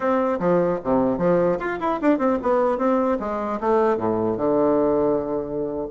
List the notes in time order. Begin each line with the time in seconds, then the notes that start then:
0.00 C4
0.39 F3
0.83 C3
1.17 F3
1.59 F4
1.80 E4
2.01 D4
2.18 C4
2.42 B3
2.78 C4
3.19 G#3
3.60 A3
3.97 A2
4.37 D3